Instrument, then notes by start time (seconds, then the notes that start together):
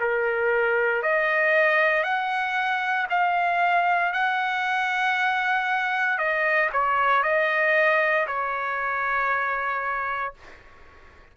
trumpet
0.00 A#4
1.03 D#5
2.03 F#5
3.09 F5
4.13 F#5
6.18 D#5
6.72 C#5
7.23 D#5
8.27 C#5